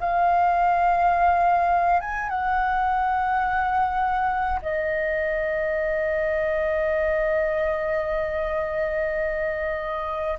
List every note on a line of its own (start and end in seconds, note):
0.00 2.00 F5
2.00 2.29 G#5
2.29 4.60 F#5
4.62 10.38 D#5